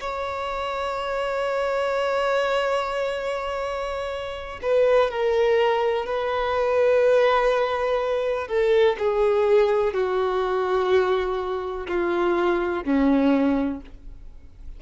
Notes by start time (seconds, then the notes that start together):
0.00 C#5
4.62 B4
5.10 A#4
6.06 B4
8.48 A4
8.99 G#4
9.93 F#4
11.87 F4
12.84 C#4